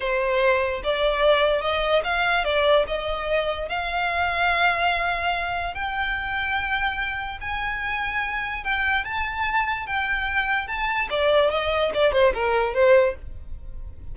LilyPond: \new Staff \with { instrumentName = "violin" } { \time 4/4 \tempo 4 = 146 c''2 d''2 | dis''4 f''4 d''4 dis''4~ | dis''4 f''2.~ | f''2 g''2~ |
g''2 gis''2~ | gis''4 g''4 a''2 | g''2 a''4 d''4 | dis''4 d''8 c''8 ais'4 c''4 | }